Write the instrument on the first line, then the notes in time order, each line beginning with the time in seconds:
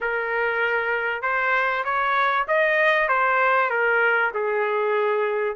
trumpet
0.00 A#4
1.22 C5
1.84 C#5
2.47 D#5
3.08 C5
3.69 A#4
4.34 G#4